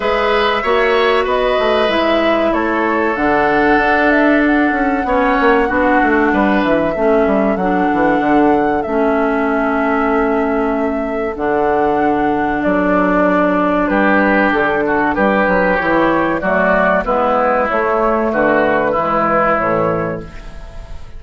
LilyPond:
<<
  \new Staff \with { instrumentName = "flute" } { \time 4/4 \tempo 4 = 95 e''2 dis''4 e''4 | cis''4 fis''4. e''8 fis''4~ | fis''2~ fis''8 e''4. | fis''2 e''2~ |
e''2 fis''2 | d''2 b'4 a'4 | b'4 cis''4 d''4 b'4 | cis''4 b'2 cis''4 | }
  \new Staff \with { instrumentName = "oboe" } { \time 4/4 b'4 cis''4 b'2 | a'1 | cis''4 fis'4 b'4 a'4~ | a'1~ |
a'1~ | a'2 g'4. fis'8 | g'2 fis'4 e'4~ | e'4 fis'4 e'2 | }
  \new Staff \with { instrumentName = "clarinet" } { \time 4/4 gis'4 fis'2 e'4~ | e'4 d'2. | cis'4 d'2 cis'4 | d'2 cis'2~ |
cis'2 d'2~ | d'1~ | d'4 e'4 a4 b4 | a2 gis4 e4 | }
  \new Staff \with { instrumentName = "bassoon" } { \time 4/4 gis4 ais4 b8 a8 gis4 | a4 d4 d'4. cis'8 | b8 ais8 b8 a8 g8 e8 a8 g8 | fis8 e8 d4 a2~ |
a2 d2 | fis2 g4 d4 | g8 fis8 e4 fis4 gis4 | a4 d4 e4 a,4 | }
>>